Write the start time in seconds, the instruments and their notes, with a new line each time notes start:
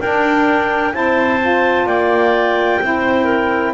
0.00 double bass D4, saxophone D4, clarinet A#4 G5
0.92 double bass C4, saxophone E4, clarinet C5 A5
1.40 saxophone F4
1.86 double bass A#3, clarinet D5 G5
2.81 double bass C4, saxophone E4, clarinet C5
3.25 clarinet A#4